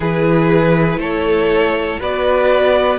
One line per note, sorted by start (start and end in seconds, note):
0.00 0.96 E3
0.00 2.00 E4
0.00 0.97 G#4
0.00 0.99 B4
0.96 1.96 A3
0.96 1.99 A4
0.96 1.99 C#5
1.99 2.99 B3
1.99 2.99 F#4
1.99 2.99 B4
1.99 2.99 D5